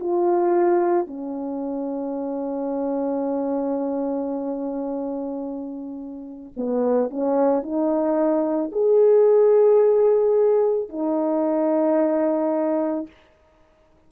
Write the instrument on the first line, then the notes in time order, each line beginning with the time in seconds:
horn
0.00 F4
1.08 C#4
6.57 B3
7.11 C#4
7.63 D#4
8.72 G#4
10.89 D#4